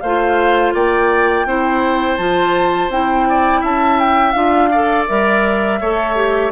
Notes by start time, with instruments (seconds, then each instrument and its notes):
0.00 bassoon A3, clarinet F4, oboe C5, flute F5
0.74 bassoon A#3, oboe D5, flute G5
1.45 bassoon C4, clarinet E4, oboe C5
2.17 bassoon F3, clarinet F4, flute A5
2.89 bassoon C4, clarinet E4, flute G5
3.28 oboe D5
3.61 bassoon C#4, oboe E5, flute A5
4.00 flute G5
4.32 bassoon D4, clarinet F4, flute F5
4.71 clarinet A4, oboe D5
5.08 bassoon G3, clarinet A#4, flute E5
5.80 bassoon A3, clarinet A4, oboe C#5
6.16 clarinet G4